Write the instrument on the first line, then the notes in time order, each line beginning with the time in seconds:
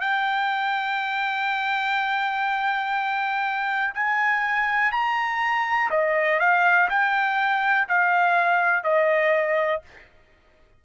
trumpet
0.00 G5
3.94 G#5
4.91 A#5
5.90 D#5
6.39 F5
6.89 G5
7.88 F5
8.83 D#5